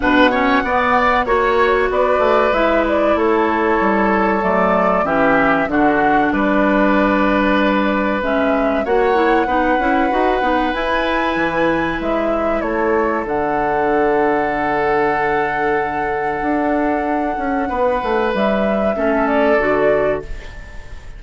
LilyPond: <<
  \new Staff \with { instrumentName = "flute" } { \time 4/4 \tempo 4 = 95 fis''2 cis''4 d''4 | e''8 d''8 cis''2 d''4 | e''4 fis''4 d''2~ | d''4 e''4 fis''2~ |
fis''4 gis''2 e''4 | cis''4 fis''2.~ | fis''1~ | fis''4 e''4. d''4. | }
  \new Staff \with { instrumentName = "oboe" } { \time 4/4 b'8 cis''8 d''4 cis''4 b'4~ | b'4 a'2. | g'4 fis'4 b'2~ | b'2 cis''4 b'4~ |
b'1 | a'1~ | a'1 | b'2 a'2 | }
  \new Staff \with { instrumentName = "clarinet" } { \time 4/4 d'8 cis'8 b4 fis'2 | e'2. a4 | cis'4 d'2.~ | d'4 cis'4 fis'8 e'8 dis'8 e'8 |
fis'8 dis'8 e'2.~ | e'4 d'2.~ | d'1~ | d'2 cis'4 fis'4 | }
  \new Staff \with { instrumentName = "bassoon" } { \time 4/4 b,4 b4 ais4 b8 a8 | gis4 a4 g4 fis4 | e4 d4 g2~ | g4 gis4 ais4 b8 cis'8 |
dis'8 b8 e'4 e4 gis4 | a4 d2.~ | d2 d'4. cis'8 | b8 a8 g4 a4 d4 | }
>>